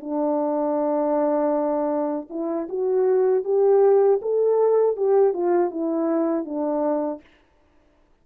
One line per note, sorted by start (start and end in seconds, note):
0.00 2.28 D4
2.30 2.68 E4
2.69 3.44 F#4
3.44 4.20 G4
4.22 4.96 A4
4.96 5.33 G4
5.33 5.71 F4
5.71 6.45 E4
6.45 7.20 D4